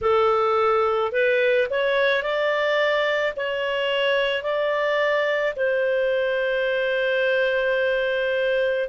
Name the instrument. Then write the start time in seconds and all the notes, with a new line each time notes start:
clarinet
0.01 A4
1.12 B4
1.70 C#5
2.22 D5
3.36 C#5
4.42 D5
5.56 C5